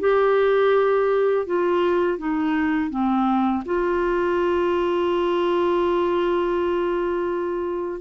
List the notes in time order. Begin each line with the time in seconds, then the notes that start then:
0.00 G4
1.46 F4
2.18 D#4
2.90 C4
3.65 F4